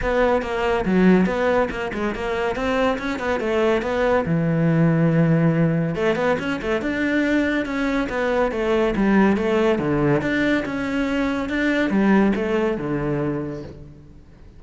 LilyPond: \new Staff \with { instrumentName = "cello" } { \time 4/4 \tempo 4 = 141 b4 ais4 fis4 b4 | ais8 gis8 ais4 c'4 cis'8 b8 | a4 b4 e2~ | e2 a8 b8 cis'8 a8 |
d'2 cis'4 b4 | a4 g4 a4 d4 | d'4 cis'2 d'4 | g4 a4 d2 | }